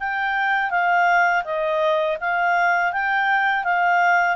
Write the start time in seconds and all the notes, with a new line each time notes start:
0.00 G5
0.71 F5
1.45 D#5
2.21 F5
2.93 G5
3.64 F5